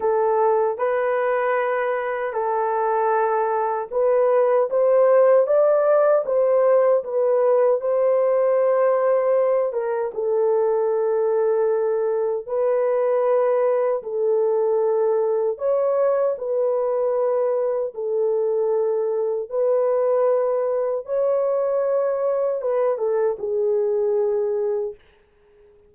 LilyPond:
\new Staff \with { instrumentName = "horn" } { \time 4/4 \tempo 4 = 77 a'4 b'2 a'4~ | a'4 b'4 c''4 d''4 | c''4 b'4 c''2~ | c''8 ais'8 a'2. |
b'2 a'2 | cis''4 b'2 a'4~ | a'4 b'2 cis''4~ | cis''4 b'8 a'8 gis'2 | }